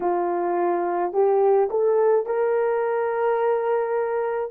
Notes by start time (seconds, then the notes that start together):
0.00 F4
1.12 G4
1.70 A4
2.26 A#4